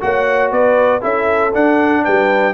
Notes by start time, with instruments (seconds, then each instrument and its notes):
0.00 tuba A#3, trombone F#4, horn C#5, trumpet F#5
0.51 tuba B3, horn B4, trumpet D5
1.01 tuba C#4, trombone E4, horn A4, trumpet E5
1.53 trombone D4, tuba D4, trumpet F#5
2.04 tuba G3, horn B4, trumpet G5